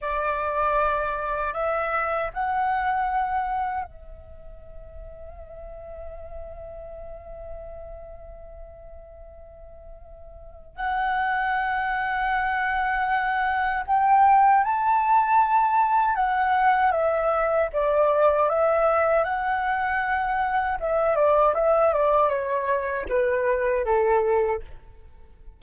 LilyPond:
\new Staff \with { instrumentName = "flute" } { \time 4/4 \tempo 4 = 78 d''2 e''4 fis''4~ | fis''4 e''2.~ | e''1~ | e''2 fis''2~ |
fis''2 g''4 a''4~ | a''4 fis''4 e''4 d''4 | e''4 fis''2 e''8 d''8 | e''8 d''8 cis''4 b'4 a'4 | }